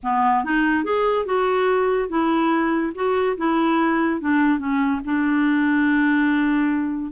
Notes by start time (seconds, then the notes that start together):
0.03 B3
0.44 D#4
0.84 G#4
1.25 F#4
2.09 E4
2.94 F#4
3.37 E4
4.20 D4
4.58 C#4
5.05 D4